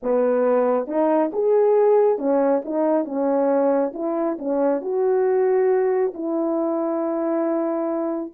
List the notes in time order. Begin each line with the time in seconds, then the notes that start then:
0.02 B3
0.87 D#4
1.32 G#4
2.18 C#4
2.64 D#4
3.04 C#4
3.93 E4
4.38 C#4
4.81 F#4
6.14 E4